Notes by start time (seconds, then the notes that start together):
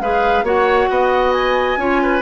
0.00 G#3 G#4 B4 F5
0.43 A#3 F#4 C#5 F#5
0.90 B3 D#5
1.32 G#5
1.77 C#4 F4 C#5
2.03 B4